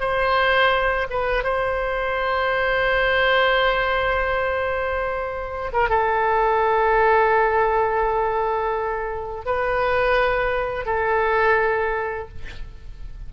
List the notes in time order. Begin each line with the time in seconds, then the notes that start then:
0.00 C5
1.10 B4
1.44 C5
5.73 A#4
5.89 A4
9.45 B4
10.86 A4